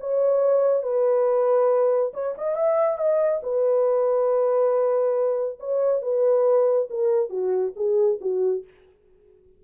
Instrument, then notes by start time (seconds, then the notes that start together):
horn
0.00 C#5
0.83 B4
2.14 C#5
2.38 D#5
2.56 E5
2.98 D#5
3.43 B4
5.60 C#5
6.02 B4
6.90 A#4
7.29 F#4
7.76 G#4
8.21 F#4